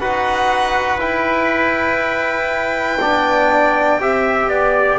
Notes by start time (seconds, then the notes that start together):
0.00 D#4 F#4 B4 F#5
0.99 E4 G5
3.01 B3 D4 D5
4.00 C4 G4 E5
4.48 B3 D5